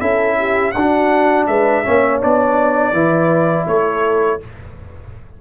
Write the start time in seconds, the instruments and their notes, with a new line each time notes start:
0.00 tuba C#4, trombone E4, horn A4, trumpet E5
0.38 horn G4
0.72 tuba D4, horn F#4, trumpet F#5
0.79 trombone D4
1.47 tuba G#3, horn B4, trumpet E5
1.84 tuba A#3, trombone C#4, horn C#5
2.21 tuba B3, trombone D4, trumpet D5
2.92 tuba E3, trombone E4, horn B4
3.67 tuba A3, horn A4, trumpet C#5